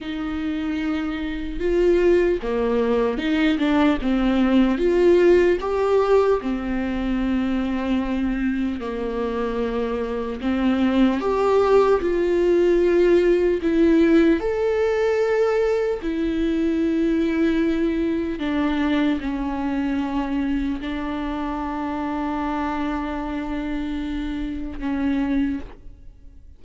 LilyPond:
\new Staff \with { instrumentName = "viola" } { \time 4/4 \tempo 4 = 75 dis'2 f'4 ais4 | dis'8 d'8 c'4 f'4 g'4 | c'2. ais4~ | ais4 c'4 g'4 f'4~ |
f'4 e'4 a'2 | e'2. d'4 | cis'2 d'2~ | d'2. cis'4 | }